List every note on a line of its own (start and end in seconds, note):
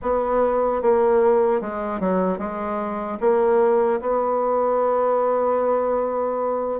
0.01 0.81 B3
0.82 1.61 A#3
1.61 2.00 G#3
2.00 2.38 F#3
2.38 3.18 G#3
3.20 4.00 A#3
4.00 6.80 B3